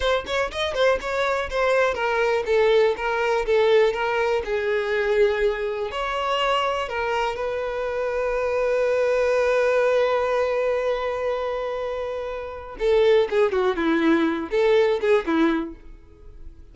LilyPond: \new Staff \with { instrumentName = "violin" } { \time 4/4 \tempo 4 = 122 c''8 cis''8 dis''8 c''8 cis''4 c''4 | ais'4 a'4 ais'4 a'4 | ais'4 gis'2. | cis''2 ais'4 b'4~ |
b'1~ | b'1~ | b'2 a'4 gis'8 fis'8 | e'4. a'4 gis'8 e'4 | }